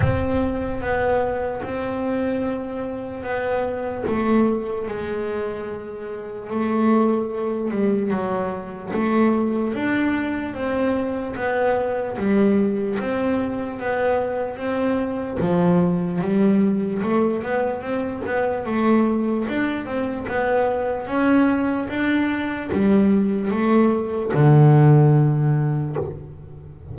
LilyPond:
\new Staff \with { instrumentName = "double bass" } { \time 4/4 \tempo 4 = 74 c'4 b4 c'2 | b4 a4 gis2 | a4. g8 fis4 a4 | d'4 c'4 b4 g4 |
c'4 b4 c'4 f4 | g4 a8 b8 c'8 b8 a4 | d'8 c'8 b4 cis'4 d'4 | g4 a4 d2 | }